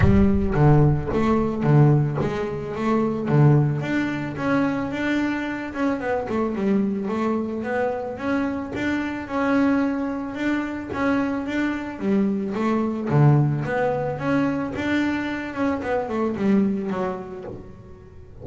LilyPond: \new Staff \with { instrumentName = "double bass" } { \time 4/4 \tempo 4 = 110 g4 d4 a4 d4 | gis4 a4 d4 d'4 | cis'4 d'4. cis'8 b8 a8 | g4 a4 b4 cis'4 |
d'4 cis'2 d'4 | cis'4 d'4 g4 a4 | d4 b4 cis'4 d'4~ | d'8 cis'8 b8 a8 g4 fis4 | }